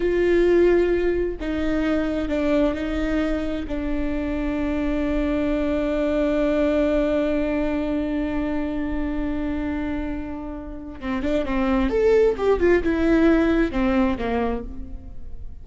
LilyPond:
\new Staff \with { instrumentName = "viola" } { \time 4/4 \tempo 4 = 131 f'2. dis'4~ | dis'4 d'4 dis'2 | d'1~ | d'1~ |
d'1~ | d'1 | c'8 d'8 c'4 a'4 g'8 f'8 | e'2 c'4 ais4 | }